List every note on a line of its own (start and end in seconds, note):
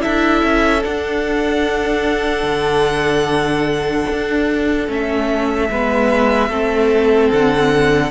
0.00 0.43 D4
0.00 0.81 E4
0.00 5.71 A4
0.00 0.83 E5
0.43 0.84 C#4
0.83 4.88 D4
0.83 2.43 D4
0.83 4.90 F#5
2.43 4.06 D3
4.11 4.89 D4
4.88 5.70 A3
4.88 5.69 C#4
4.88 7.32 E5
5.70 6.49 G#3
5.70 6.51 B3
5.70 6.50 B4
6.49 7.31 A3
6.49 8.11 C4
6.49 8.11 A4
7.32 8.11 D3
7.32 8.11 F#5